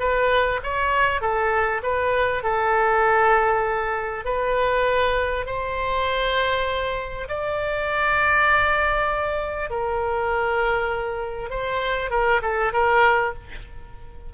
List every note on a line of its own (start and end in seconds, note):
0.00 0.61 B4
0.64 1.21 C#5
1.21 1.82 A4
1.83 2.44 B4
2.44 4.25 A4
4.25 5.46 B4
5.46 7.28 C5
7.29 9.71 D5
9.71 11.50 A#4
11.50 12.11 C5
12.11 12.41 A#4
12.42 12.73 A4
12.73 13.34 A#4